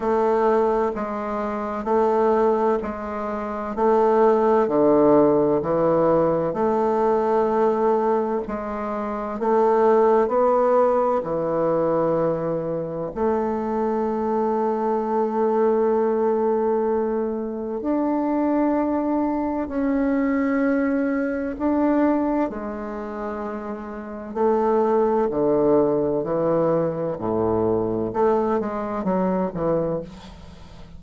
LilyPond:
\new Staff \with { instrumentName = "bassoon" } { \time 4/4 \tempo 4 = 64 a4 gis4 a4 gis4 | a4 d4 e4 a4~ | a4 gis4 a4 b4 | e2 a2~ |
a2. d'4~ | d'4 cis'2 d'4 | gis2 a4 d4 | e4 a,4 a8 gis8 fis8 e8 | }